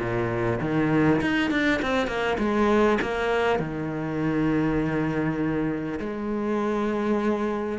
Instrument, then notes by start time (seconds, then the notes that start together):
cello
0.00 A#2
0.61 D#3
1.21 D#4
1.51 D4
1.82 C4
2.07 A#3
2.39 G#3
3.02 A#3
3.59 D#3
6.00 G#3